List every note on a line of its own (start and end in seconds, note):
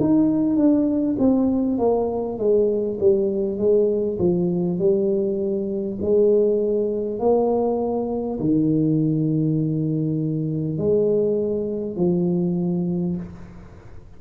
0.00 0.56 D#4
0.56 1.16 D4
1.19 1.78 C4
1.78 2.38 A#3
2.38 2.98 G#3
3.00 3.58 G3
3.58 4.18 G#3
4.18 4.78 F3
4.78 5.98 G3
6.02 7.19 G#3
7.19 8.39 A#3
8.39 10.78 D#3
10.78 11.96 G#3
11.96 13.16 F3